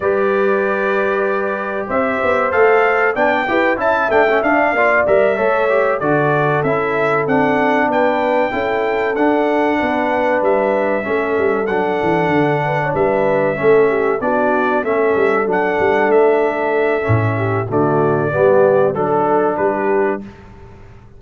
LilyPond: <<
  \new Staff \with { instrumentName = "trumpet" } { \time 4/4 \tempo 4 = 95 d''2. e''4 | f''4 g''4 a''8 g''8 f''4 | e''4. d''4 e''4 fis''8~ | fis''8 g''2 fis''4.~ |
fis''8 e''2 fis''4.~ | fis''8 e''2 d''4 e''8~ | e''8 fis''4 e''2~ e''8 | d''2 a'4 b'4 | }
  \new Staff \with { instrumentName = "horn" } { \time 4/4 b'2. c''4~ | c''4 d''8 b'8 e''4. d''8~ | d''8 cis''4 a'2~ a'8~ | a'8 b'4 a'2 b'8~ |
b'4. a'2~ a'8 | b'16 cis''16 b'4 a'8 g'8 fis'4 a'8~ | a'2.~ a'8 g'8 | fis'4 g'4 a'4 g'4 | }
  \new Staff \with { instrumentName = "trombone" } { \time 4/4 g'1 | a'4 d'8 g'8 e'8 d'16 cis'16 d'8 f'8 | ais'8 a'8 g'8 fis'4 e'4 d'8~ | d'4. e'4 d'4.~ |
d'4. cis'4 d'4.~ | d'4. cis'4 d'4 cis'8~ | cis'8 d'2~ d'8 cis'4 | a4 b4 d'2 | }
  \new Staff \with { instrumentName = "tuba" } { \time 4/4 g2. c'8 b8 | a4 b8 e'8 cis'8 a8 d'8 ais8 | g8 a4 d4 cis'4 c'8~ | c'8 b4 cis'4 d'4 b8~ |
b8 g4 a8 g8 fis8 e8 d8~ | d8 g4 a4 b4 a8 | g8 fis8 g8 a4. a,4 | d4 g4 fis4 g4 | }
>>